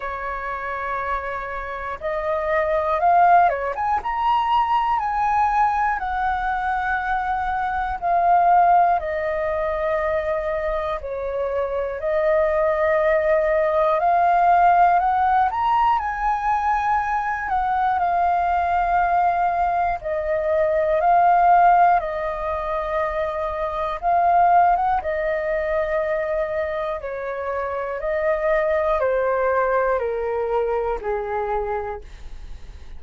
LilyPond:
\new Staff \with { instrumentName = "flute" } { \time 4/4 \tempo 4 = 60 cis''2 dis''4 f''8 cis''16 gis''16 | ais''4 gis''4 fis''2 | f''4 dis''2 cis''4 | dis''2 f''4 fis''8 ais''8 |
gis''4. fis''8 f''2 | dis''4 f''4 dis''2 | f''8. fis''16 dis''2 cis''4 | dis''4 c''4 ais'4 gis'4 | }